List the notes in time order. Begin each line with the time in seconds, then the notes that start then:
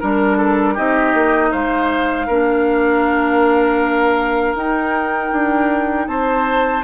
0.00 G3 D4 A#4
0.37 A4
0.73 C4 D#4 G4 D#5
1.14 A#3
1.51 G#3 C5 F5
2.26 A#3 D4 A#4
4.54 D#4 G5
5.32 D4
6.07 C4 C5 A5